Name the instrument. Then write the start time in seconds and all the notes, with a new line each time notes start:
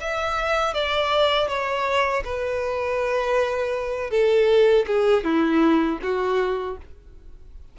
violin
0.00 E5
0.74 D5
1.48 C#5
2.24 B4
4.10 A4
4.86 G#4
5.24 E4
6.02 F#4